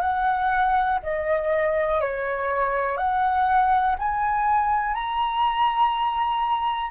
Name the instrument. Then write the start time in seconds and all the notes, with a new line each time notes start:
flute
0.00 F#5
1.02 D#5
2.00 C#5
2.97 F#5
3.98 G#5
4.94 A#5